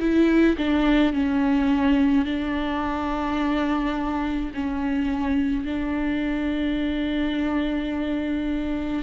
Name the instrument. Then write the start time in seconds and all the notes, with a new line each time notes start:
viola
0.00 E4
0.58 D4
1.13 C#4
2.25 D4
4.54 C#4
5.66 D4